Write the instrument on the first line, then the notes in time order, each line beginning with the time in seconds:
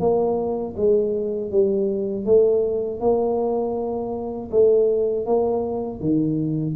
tuba
0.00 A#3
0.77 G#3
1.51 G3
2.25 A3
3.00 A#3
4.51 A3
5.26 A#3
6.00 D#3